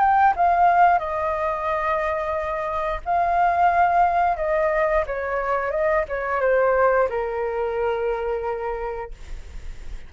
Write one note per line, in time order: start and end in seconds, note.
0.00 0.34 G5
0.36 0.99 F5
0.99 3.01 D#5
3.06 4.37 F5
4.37 5.05 D#5
5.07 5.71 C#5
5.71 6.05 D#5
6.09 6.41 C#5
6.41 7.09 C5
7.10 9.12 A#4